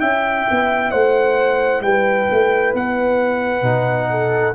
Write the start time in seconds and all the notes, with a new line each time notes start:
0.00 C#4 E4 E5 G5
0.50 B3
0.91 A3 C5 F#5
1.81 G3 B4 G5
2.31 A3
2.74 B3 F#5
3.62 B2 D#4
4.10 A4